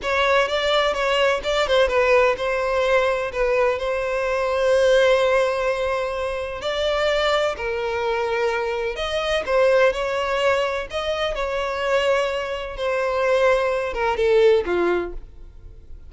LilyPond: \new Staff \with { instrumentName = "violin" } { \time 4/4 \tempo 4 = 127 cis''4 d''4 cis''4 d''8 c''8 | b'4 c''2 b'4 | c''1~ | c''2 d''2 |
ais'2. dis''4 | c''4 cis''2 dis''4 | cis''2. c''4~ | c''4. ais'8 a'4 f'4 | }